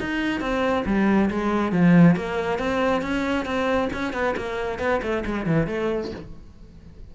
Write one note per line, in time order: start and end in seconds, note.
0.00 0.41 D#4
0.41 0.84 C4
0.86 1.30 G3
1.30 1.72 G#3
1.72 2.16 F3
2.16 2.59 A#3
2.59 3.02 C4
3.02 3.45 C#4
3.45 3.89 C4
3.93 4.13 C#4
4.13 4.35 B3
4.37 4.79 A#3
4.79 5.01 B3
5.02 5.24 A3
5.26 5.46 G#3
5.46 5.67 E3
5.67 6.11 A3